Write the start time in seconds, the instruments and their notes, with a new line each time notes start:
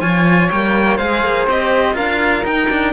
0.00 cello F3 F4, flute C#5, violin G#5
0.50 cello G3 A#3, violin G5
0.97 cello G#3 G#4, flute C5, violin F5
1.23 cello A#3
1.47 cello C4 G4, violin D#5
1.93 cello D4 F4, flute A#4, violin F5
2.43 cello D#4, violin G5
2.70 cello D4